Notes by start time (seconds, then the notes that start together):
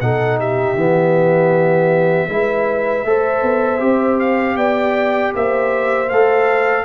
0.00 B2 D#4 A4 F#5
0.38 G4 E5
0.74 E3 B3
2.28 G#3 E4 B4
3.04 A3 A4 C5
3.42 B3
3.79 C4 G4
4.19 F5
4.56 B3 D5 G5
5.34 A#3 C5 E5
6.09 A3 A4 F5